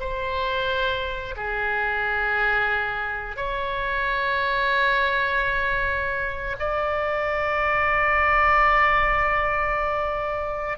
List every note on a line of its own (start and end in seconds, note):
0.00 1.35 C5
1.37 3.36 G#4
3.36 6.57 C#5
6.59 10.78 D5